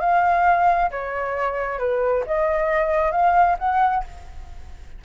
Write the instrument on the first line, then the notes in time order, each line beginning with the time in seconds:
flute
0.00 F5
0.91 C#5
1.79 B4
2.27 D#5
3.12 F5
3.59 F#5